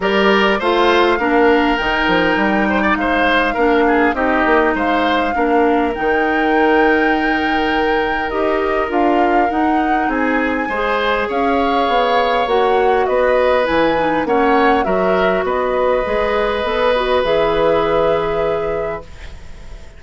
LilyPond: <<
  \new Staff \with { instrumentName = "flute" } { \time 4/4 \tempo 4 = 101 d''4 f''2 g''4~ | g''4 f''2 dis''4 | f''2 g''2~ | g''2 dis''4 f''4 |
fis''4 gis''2 f''4~ | f''4 fis''4 dis''4 gis''4 | fis''4 e''4 dis''2~ | dis''4 e''2. | }
  \new Staff \with { instrumentName = "oboe" } { \time 4/4 ais'4 c''4 ais'2~ | ais'8 c''16 d''16 c''4 ais'8 gis'8 g'4 | c''4 ais'2.~ | ais'1~ |
ais'4 gis'4 c''4 cis''4~ | cis''2 b'2 | cis''4 ais'4 b'2~ | b'1 | }
  \new Staff \with { instrumentName = "clarinet" } { \time 4/4 g'4 f'4 d'4 dis'4~ | dis'2 d'4 dis'4~ | dis'4 d'4 dis'2~ | dis'2 g'4 f'4 |
dis'2 gis'2~ | gis'4 fis'2 e'8 dis'8 | cis'4 fis'2 gis'4 | a'8 fis'8 gis'2. | }
  \new Staff \with { instrumentName = "bassoon" } { \time 4/4 g4 a4 ais4 dis8 f8 | g4 gis4 ais4 c'8 ais8 | gis4 ais4 dis2~ | dis2 dis'4 d'4 |
dis'4 c'4 gis4 cis'4 | b4 ais4 b4 e4 | ais4 fis4 b4 gis4 | b4 e2. | }
>>